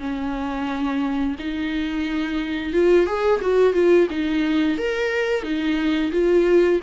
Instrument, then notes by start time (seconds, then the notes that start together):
viola
0.00 C#4
1.39 D#4
2.74 F4
3.07 G#4
3.42 F#4
3.74 F4
4.11 D#4
4.78 A#4
5.44 D#4
6.12 F4